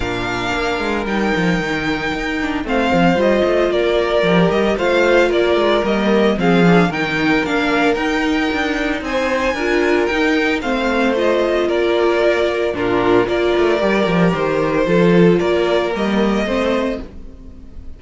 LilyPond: <<
  \new Staff \with { instrumentName = "violin" } { \time 4/4 \tempo 4 = 113 f''2 g''2~ | g''4 f''4 dis''4 d''4~ | d''8 dis''8 f''4 d''4 dis''4 | f''4 g''4 f''4 g''4~ |
g''4 gis''2 g''4 | f''4 dis''4 d''2 | ais'4 d''2 c''4~ | c''4 d''4 dis''2 | }
  \new Staff \with { instrumentName = "violin" } { \time 4/4 ais'1~ | ais'4 c''2 ais'4~ | ais'4 c''4 ais'2 | gis'4 ais'2.~ |
ais'4 c''4 ais'2 | c''2 ais'2 | f'4 ais'2. | a'4 ais'2 c''4 | }
  \new Staff \with { instrumentName = "viola" } { \time 4/4 d'2 dis'2~ | dis'8 d'8 c'4 f'2 | g'4 f'2 ais4 | c'8 d'8 dis'4 d'4 dis'4~ |
dis'2 f'4 dis'4 | c'4 f'2. | d'4 f'4 g'2 | f'2 ais4 c'4 | }
  \new Staff \with { instrumentName = "cello" } { \time 4/4 ais,4 ais8 gis8 g8 f8 dis4 | dis'4 a8 f8 g8 a8 ais4 | f8 g8 a4 ais8 gis8 g4 | f4 dis4 ais4 dis'4 |
d'4 c'4 d'4 dis'4 | a2 ais2 | ais,4 ais8 a8 g8 f8 dis4 | f4 ais4 g4 a4 | }
>>